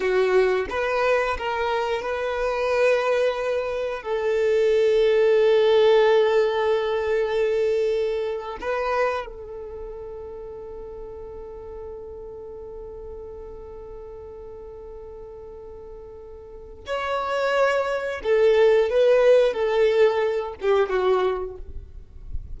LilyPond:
\new Staff \with { instrumentName = "violin" } { \time 4/4 \tempo 4 = 89 fis'4 b'4 ais'4 b'4~ | b'2 a'2~ | a'1~ | a'8. b'4 a'2~ a'16~ |
a'1~ | a'1~ | a'4 cis''2 a'4 | b'4 a'4. g'8 fis'4 | }